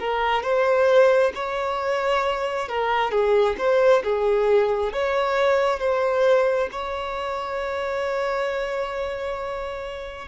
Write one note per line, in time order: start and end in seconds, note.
0.00 0.43 A#4
0.43 1.33 C5
1.36 2.69 C#5
2.69 3.12 A#4
3.12 3.57 G#4
3.58 4.03 C5
4.04 4.93 G#4
4.93 5.80 C#5
5.80 6.70 C5
6.72 10.29 C#5